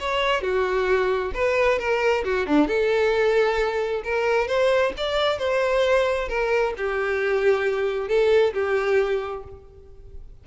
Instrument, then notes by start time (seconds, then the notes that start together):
violin
0.00 C#5
0.42 F#4
1.35 B4
1.79 A#4
2.25 F#4
2.47 D4
2.68 A4
4.04 A#4
4.48 C5
4.98 D5
5.39 C5
6.29 A#4
6.78 G4
8.09 A4
8.54 G4